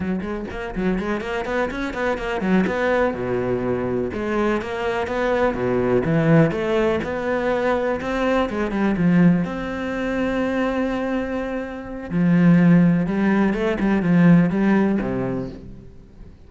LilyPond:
\new Staff \with { instrumentName = "cello" } { \time 4/4 \tempo 4 = 124 fis8 gis8 ais8 fis8 gis8 ais8 b8 cis'8 | b8 ais8 fis8 b4 b,4.~ | b,8 gis4 ais4 b4 b,8~ | b,8 e4 a4 b4.~ |
b8 c'4 gis8 g8 f4 c'8~ | c'1~ | c'4 f2 g4 | a8 g8 f4 g4 c4 | }